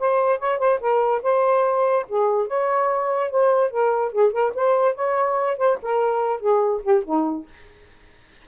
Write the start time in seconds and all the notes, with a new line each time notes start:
0.00 C5
0.40 C#5
0.59 C5
0.81 A#4
1.23 C5
2.09 G#4
2.48 C#5
3.31 C5
3.71 A#4
4.13 G#4
4.33 A#4
4.55 C5
4.95 C#5
5.58 C5
5.83 A#4
6.41 G#4
6.83 G4
7.05 D#4